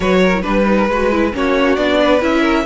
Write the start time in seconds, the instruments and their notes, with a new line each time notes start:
0.00 cello F#3, viola F#4, violin B4 C#5
0.23 violin A#4
0.33 viola E4
0.41 cello G3, viola D4, violin B4
0.65 viola D#4
0.77 violin A#4
0.89 cello G#3, viola F#4, violin B4
1.11 viola E4
1.32 cello A#3, viola C#4, violin F#4 C#5
1.75 cello B3, viola D4, violin D5
2.01 violin B4
2.20 cello C#4, viola E4, violin E5
2.41 violin A#4